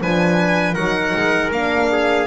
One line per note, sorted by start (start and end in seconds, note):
0.00 0.76 F3
0.00 0.76 D4
0.00 0.74 B4
0.00 0.75 G#5
0.74 1.14 F#3
0.74 1.52 D#4
0.74 1.88 A#4
0.74 1.50 F#5
1.16 1.51 G#3
1.51 2.27 A#3
1.51 2.27 D4
1.51 2.27 F5
1.92 2.27 G#4